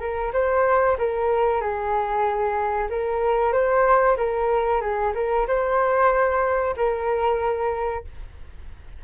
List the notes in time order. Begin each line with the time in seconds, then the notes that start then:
0.00 A#4
0.33 C5
0.98 A#4
1.61 G#4
2.90 A#4
3.53 C5
4.17 A#4
4.81 G#4
5.15 A#4
5.47 C5
6.77 A#4